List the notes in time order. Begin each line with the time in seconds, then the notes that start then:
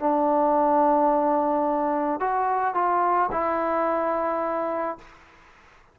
0.00 D4
2.20 F#4
2.75 F4
3.32 E4